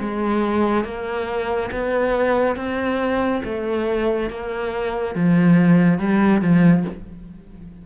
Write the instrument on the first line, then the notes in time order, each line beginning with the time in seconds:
cello
0.00 G#3
0.85 A#3
1.72 B3
2.56 C4
3.45 A3
4.30 A#3
5.15 F3
5.99 G3
6.42 F3